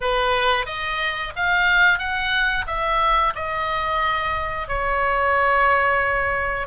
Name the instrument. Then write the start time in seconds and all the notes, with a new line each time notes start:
oboe
0.00 B4
0.65 D#5
1.35 F5
1.98 F#5
2.67 E5
3.35 D#5
4.68 C#5